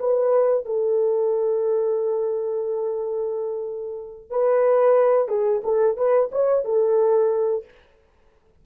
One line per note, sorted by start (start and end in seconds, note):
0.00 0.66 B4
0.66 4.31 A4
4.31 5.29 B4
5.29 5.62 G#4
5.64 5.97 A4
5.97 6.31 B4
6.32 6.65 C#5
6.65 7.65 A4